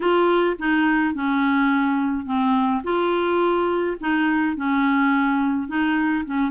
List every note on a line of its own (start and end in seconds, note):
0.00 0.56 F4
0.58 1.14 D#4
1.14 2.25 C#4
2.25 2.82 C4
2.83 3.96 F4
4.00 4.56 D#4
4.56 5.68 C#4
5.68 6.24 D#4
6.25 6.51 C#4